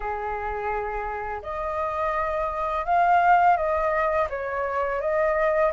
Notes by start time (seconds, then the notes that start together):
0.00 G#4
1.42 D#5
2.85 F5
3.56 D#5
4.29 C#5
5.00 D#5